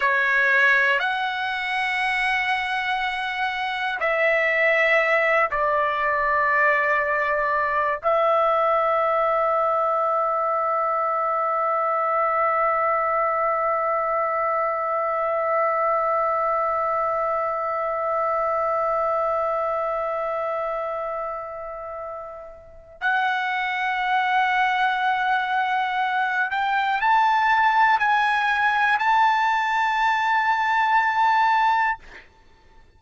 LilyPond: \new Staff \with { instrumentName = "trumpet" } { \time 4/4 \tempo 4 = 60 cis''4 fis''2. | e''4. d''2~ d''8 | e''1~ | e''1~ |
e''1~ | e''2. fis''4~ | fis''2~ fis''8 g''8 a''4 | gis''4 a''2. | }